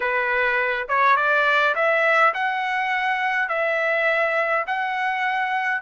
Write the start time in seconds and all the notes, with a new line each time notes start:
0.00 B4
0.88 C#5
1.16 D5
1.75 E5
2.34 F#5
3.48 E5
4.66 F#5